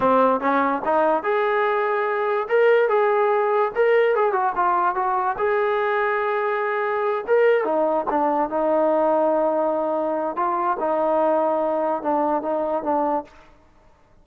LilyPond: \new Staff \with { instrumentName = "trombone" } { \time 4/4 \tempo 4 = 145 c'4 cis'4 dis'4 gis'4~ | gis'2 ais'4 gis'4~ | gis'4 ais'4 gis'8 fis'8 f'4 | fis'4 gis'2.~ |
gis'4. ais'4 dis'4 d'8~ | d'8 dis'2.~ dis'8~ | dis'4 f'4 dis'2~ | dis'4 d'4 dis'4 d'4 | }